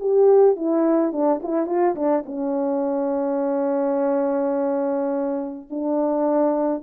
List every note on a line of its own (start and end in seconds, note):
0.00 0.56 G4
0.56 1.12 E4
1.12 1.41 D4
1.43 1.66 E4
1.66 1.95 F4
1.95 2.24 D4
2.26 5.69 C#4
5.70 6.83 D4